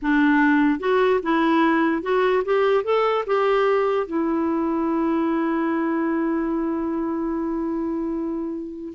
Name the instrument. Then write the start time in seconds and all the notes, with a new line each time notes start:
clarinet
0.01 D4
0.79 F#4
1.22 E4
2.02 F#4
2.44 G4
2.84 A4
3.26 G4
4.07 E4